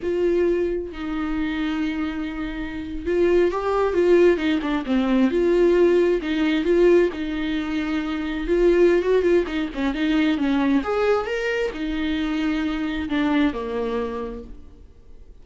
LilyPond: \new Staff \with { instrumentName = "viola" } { \time 4/4 \tempo 4 = 133 f'2 dis'2~ | dis'2~ dis'8. f'4 g'16~ | g'8. f'4 dis'8 d'8 c'4 f'16~ | f'4.~ f'16 dis'4 f'4 dis'16~ |
dis'2~ dis'8. f'4~ f'16 | fis'8 f'8 dis'8 cis'8 dis'4 cis'4 | gis'4 ais'4 dis'2~ | dis'4 d'4 ais2 | }